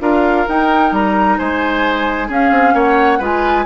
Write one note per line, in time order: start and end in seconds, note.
0.00 0.45 D4
0.00 0.46 F4
0.00 1.38 A#4
0.00 0.47 F5
0.48 2.30 D#4
0.48 0.92 D#4
0.48 0.93 G5
0.92 1.37 G3
0.92 1.38 A#5
1.38 2.29 G#3
1.38 2.28 C5
1.38 2.29 G#5
2.28 2.51 C#4
2.28 3.20 C#4
2.28 2.73 G#4
2.28 2.77 F5
2.51 2.73 C4
2.73 3.19 A#3
2.73 3.19 C#5
2.73 3.22 F#5
3.19 3.65 G#3
3.19 3.65 F4
3.19 3.64 B4
3.19 3.65 G#5